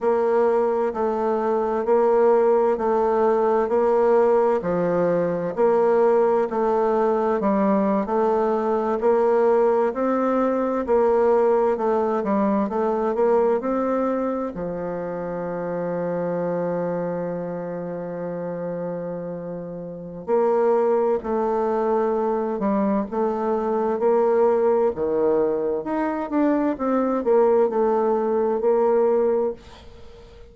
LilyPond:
\new Staff \with { instrumentName = "bassoon" } { \time 4/4 \tempo 4 = 65 ais4 a4 ais4 a4 | ais4 f4 ais4 a4 | g8. a4 ais4 c'4 ais16~ | ais8. a8 g8 a8 ais8 c'4 f16~ |
f1~ | f2 ais4 a4~ | a8 g8 a4 ais4 dis4 | dis'8 d'8 c'8 ais8 a4 ais4 | }